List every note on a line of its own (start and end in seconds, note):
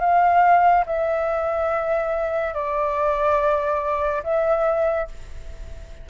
0.00 0.85 F5
0.86 2.54 E5
2.54 4.23 D5
4.23 5.07 E5